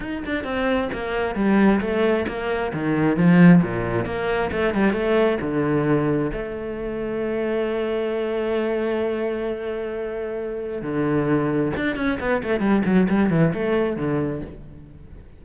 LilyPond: \new Staff \with { instrumentName = "cello" } { \time 4/4 \tempo 4 = 133 dis'8 d'8 c'4 ais4 g4 | a4 ais4 dis4 f4 | ais,4 ais4 a8 g8 a4 | d2 a2~ |
a1~ | a1 | d2 d'8 cis'8 b8 a8 | g8 fis8 g8 e8 a4 d4 | }